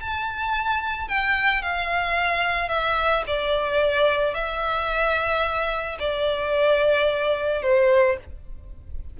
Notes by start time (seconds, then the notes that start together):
0.00 A5
1.08 G5
1.62 F5
2.69 E5
3.27 D5
4.34 E5
5.99 D5
7.62 C5